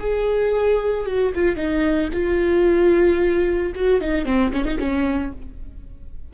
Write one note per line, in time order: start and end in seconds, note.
0.00 1.06 G#4
1.06 1.33 F#4
1.35 1.57 F4
1.57 2.10 D#4
2.13 3.73 F4
3.76 4.01 F#4
4.01 4.26 D#4
4.26 4.52 C4
4.53 4.65 C#4
4.65 4.79 D#4
4.79 5.32 C#4